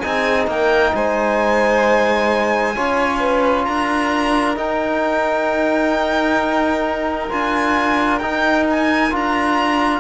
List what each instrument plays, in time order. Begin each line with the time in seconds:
0.00 cello C4, trombone D#4, violin G#4 G#5
0.47 cello A#3, violin A#4 G5
0.94 cello G#3, violin C5 G#5
2.76 cello C#4, trombone F4, violin C#5
3.20 violin B4
3.65 cello D4, violin A#4 A#5
4.56 trombone D#4, cello D#4, violin G5
7.30 cello D4, trombone F4, violin G#5
8.19 cello D#4, trombone D#4, violin G5
8.70 violin G#5
9.11 cello D4, trombone F4, violin A#5